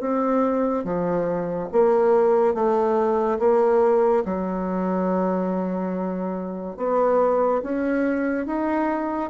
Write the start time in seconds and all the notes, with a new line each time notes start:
0.00 C4
0.85 F3
1.72 A#3
2.54 A3
3.39 A#3
4.25 F#3
6.77 B3
7.62 C#4
8.47 D#4